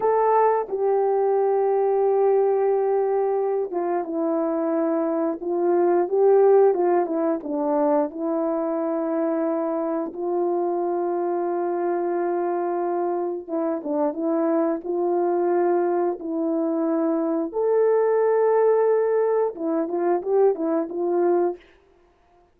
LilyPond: \new Staff \with { instrumentName = "horn" } { \time 4/4 \tempo 4 = 89 a'4 g'2.~ | g'4. f'8 e'2 | f'4 g'4 f'8 e'8 d'4 | e'2. f'4~ |
f'1 | e'8 d'8 e'4 f'2 | e'2 a'2~ | a'4 e'8 f'8 g'8 e'8 f'4 | }